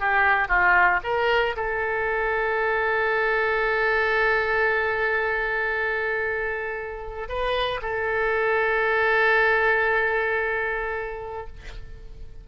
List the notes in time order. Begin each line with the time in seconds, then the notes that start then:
0.00 G4
0.48 F4
1.04 A#4
1.56 A4
7.29 B4
7.82 A4